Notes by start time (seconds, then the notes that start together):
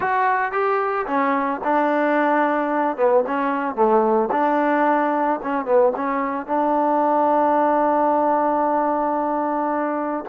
0.00 F#4
0.52 G4
1.06 C#4
1.64 D4
2.96 B3
3.27 C#4
3.75 A3
4.31 D4
5.43 C#4
5.65 B3
5.96 C#4
6.46 D4